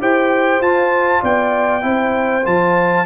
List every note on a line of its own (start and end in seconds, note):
0.00 0.60 E4
0.00 0.61 G4
0.00 1.22 C5
0.00 0.62 G5
0.60 1.21 F4
0.60 1.82 F4
0.60 1.23 A5
1.22 1.83 B3
1.22 1.83 D5
1.22 2.46 G5
1.82 2.44 C4
1.82 2.43 E4
1.82 3.06 C5
2.44 3.06 F3
2.44 3.05 F4
2.44 3.06 A5